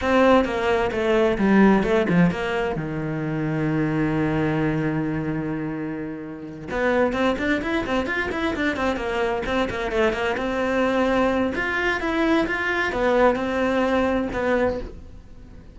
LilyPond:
\new Staff \with { instrumentName = "cello" } { \time 4/4 \tempo 4 = 130 c'4 ais4 a4 g4 | a8 f8 ais4 dis2~ | dis1~ | dis2~ dis8 b4 c'8 |
d'8 e'8 c'8 f'8 e'8 d'8 c'8 ais8~ | ais8 c'8 ais8 a8 ais8 c'4.~ | c'4 f'4 e'4 f'4 | b4 c'2 b4 | }